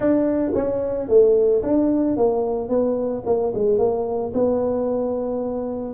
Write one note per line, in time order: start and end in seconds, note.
0.00 0.52 D4
0.54 1.08 C#4
1.08 1.62 A3
1.62 2.16 D4
2.16 2.69 A#3
2.69 3.23 B3
3.26 3.53 A#3
3.54 3.78 G#3
3.78 4.32 A#3
4.34 5.94 B3